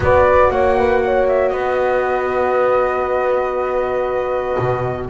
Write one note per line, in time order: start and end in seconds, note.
0.00 0.49 B3
0.00 5.08 F#4
0.00 0.52 B4
0.00 0.50 D5
0.50 1.51 A#3
0.50 0.77 C#5
0.50 1.27 F#5
0.78 1.03 B4
1.04 1.52 C#5
1.27 1.49 E5
1.49 4.57 B3
1.49 5.08 B4
1.49 5.05 D#5
4.58 5.09 B2